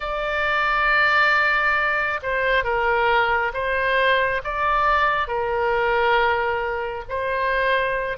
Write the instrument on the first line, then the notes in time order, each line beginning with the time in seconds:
oboe
0.00 D5
2.22 C5
2.64 A#4
3.53 C5
4.44 D5
5.27 A#4
7.08 C5